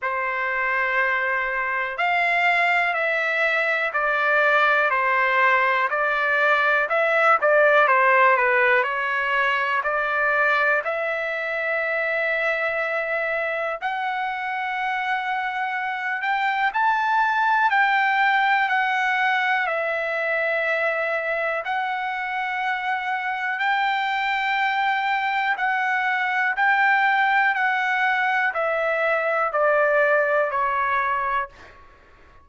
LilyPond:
\new Staff \with { instrumentName = "trumpet" } { \time 4/4 \tempo 4 = 61 c''2 f''4 e''4 | d''4 c''4 d''4 e''8 d''8 | c''8 b'8 cis''4 d''4 e''4~ | e''2 fis''2~ |
fis''8 g''8 a''4 g''4 fis''4 | e''2 fis''2 | g''2 fis''4 g''4 | fis''4 e''4 d''4 cis''4 | }